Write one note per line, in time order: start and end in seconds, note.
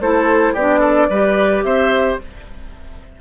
0.00 0.55 A3
0.00 0.57 E4
0.00 0.53 A4
0.00 0.55 C5
0.53 1.09 B3
0.53 1.11 D4
0.53 0.79 G4
0.53 1.63 D5
0.79 1.07 A4
1.09 1.64 G3
1.09 2.21 G4
1.09 1.64 B4
1.63 2.18 C4
1.63 2.20 C5
1.63 2.18 E5